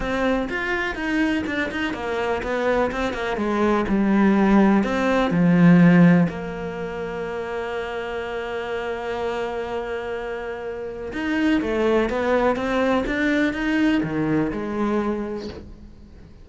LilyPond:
\new Staff \with { instrumentName = "cello" } { \time 4/4 \tempo 4 = 124 c'4 f'4 dis'4 d'8 dis'8 | ais4 b4 c'8 ais8 gis4 | g2 c'4 f4~ | f4 ais2.~ |
ais1~ | ais2. dis'4 | a4 b4 c'4 d'4 | dis'4 dis4 gis2 | }